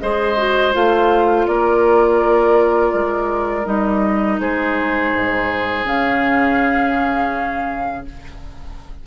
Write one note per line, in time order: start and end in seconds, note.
0.00 0.74 G#3
0.00 0.36 G#4
0.00 1.47 C5
0.00 0.73 D#5
0.36 0.72 F#4
0.72 1.47 A3
0.72 3.65 F4
0.72 1.47 F5
1.47 2.93 A#3
1.47 4.40 A#4
1.47 3.66 D5
2.93 3.65 G#3
3.65 4.39 G3
3.65 5.84 D#4
3.65 4.39 D#5
4.39 5.12 G#3
4.39 8.06 G#4
4.39 5.86 C5
5.14 5.84 G#2
5.84 8.03 C#3
5.84 8.06 C#4
5.84 8.06 F5